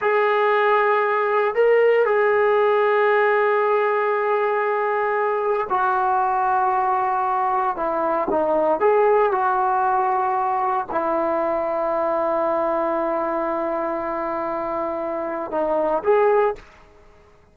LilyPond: \new Staff \with { instrumentName = "trombone" } { \time 4/4 \tempo 4 = 116 gis'2. ais'4 | gis'1~ | gis'2. fis'4~ | fis'2. e'4 |
dis'4 gis'4 fis'2~ | fis'4 e'2.~ | e'1~ | e'2 dis'4 gis'4 | }